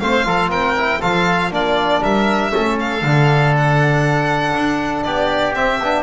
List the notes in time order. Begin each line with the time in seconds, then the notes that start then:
0.00 A3 C4 C5 F5
0.24 F3 F4 A4
0.49 C4 A#4 G5
0.78 E4
1.00 F3 F4 A4 F5
1.51 A#3 D4 F4 D5
2.01 G3 A#4 E5
2.51 A3 C#4 A4
2.80 F5
3.02 D3 D4
3.57 F#5
4.54 D4
5.03 B3 G4 D5
5.54 C4 E5
5.81 B3 D4